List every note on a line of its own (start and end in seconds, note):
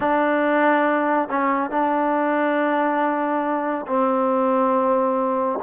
0.00 1.29 D4
1.29 1.70 C#4
1.70 3.86 D4
3.86 5.59 C4